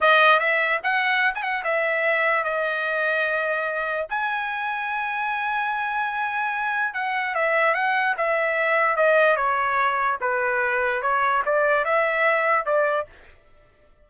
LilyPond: \new Staff \with { instrumentName = "trumpet" } { \time 4/4 \tempo 4 = 147 dis''4 e''4 fis''4~ fis''16 gis''16 fis''8 | e''2 dis''2~ | dis''2 gis''2~ | gis''1~ |
gis''4 fis''4 e''4 fis''4 | e''2 dis''4 cis''4~ | cis''4 b'2 cis''4 | d''4 e''2 d''4 | }